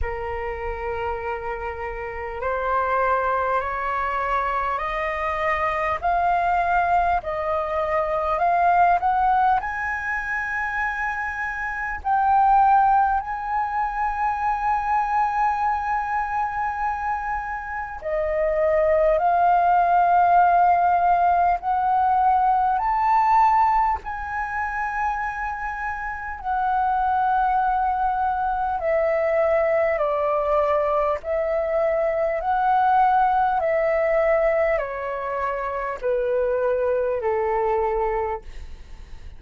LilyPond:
\new Staff \with { instrumentName = "flute" } { \time 4/4 \tempo 4 = 50 ais'2 c''4 cis''4 | dis''4 f''4 dis''4 f''8 fis''8 | gis''2 g''4 gis''4~ | gis''2. dis''4 |
f''2 fis''4 a''4 | gis''2 fis''2 | e''4 d''4 e''4 fis''4 | e''4 cis''4 b'4 a'4 | }